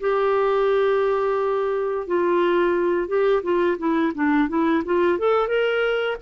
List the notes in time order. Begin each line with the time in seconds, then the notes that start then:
0.00 G4
2.07 F4
3.08 G4
3.43 F4
3.78 E4
4.15 D4
4.49 E4
4.85 F4
5.19 A4
5.48 A#4